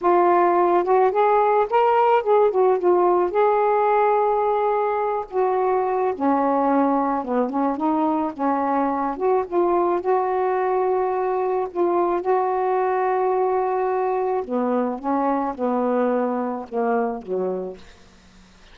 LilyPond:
\new Staff \with { instrumentName = "saxophone" } { \time 4/4 \tempo 4 = 108 f'4. fis'8 gis'4 ais'4 | gis'8 fis'8 f'4 gis'2~ | gis'4. fis'4. cis'4~ | cis'4 b8 cis'8 dis'4 cis'4~ |
cis'8 fis'8 f'4 fis'2~ | fis'4 f'4 fis'2~ | fis'2 b4 cis'4 | b2 ais4 fis4 | }